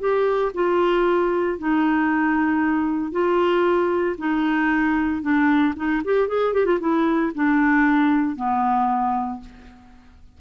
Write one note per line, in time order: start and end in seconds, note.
0.00 0.52 G4
0.54 1.59 F4
1.59 3.12 D#4
3.12 4.16 F4
4.18 5.22 D#4
5.22 5.74 D4
5.76 6.02 D#4
6.05 6.28 G4
6.28 6.54 G#4
6.54 6.66 G4
6.66 6.79 F4
6.81 7.33 E4
7.35 8.36 D4
8.36 9.41 B3